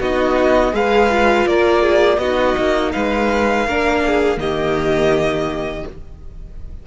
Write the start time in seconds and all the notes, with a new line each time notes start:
0.00 B3 D#4 F#4 D#5
0.72 G#3 G#4 B4 F5
1.09 F4
1.46 A#3 A#4 D5
1.82 G#4
2.18 B3 D#4 F#4 D#5
2.58 A#3
2.93 G#3 B4 F5
3.67 A#3 D4 A#4
4.06 G#4
4.37 D#3 A#3 G4 D#5